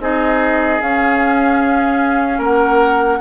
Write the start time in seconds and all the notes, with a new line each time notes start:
0.00 C4 D#4 G#4 D#5
0.82 C#4 F5
2.38 A#3 A#4 F#5